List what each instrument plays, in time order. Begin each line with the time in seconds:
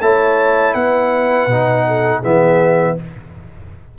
0.00 tuba A3, trombone E4, horn C#5, trumpet A5
0.74 tuba B3, horn B4, trumpet F#5
1.47 tuba B2, trombone D#4
1.87 horn A4
2.20 tuba E3, trombone B3, horn G#4, trumpet E5